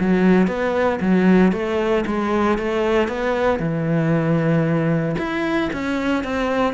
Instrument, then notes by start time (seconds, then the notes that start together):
cello
0.00 F#3
0.48 B3
1.01 F#3
1.52 A3
2.07 G#3
2.58 A3
3.09 B3
3.60 E3
5.18 E4
5.73 C#4
6.24 C4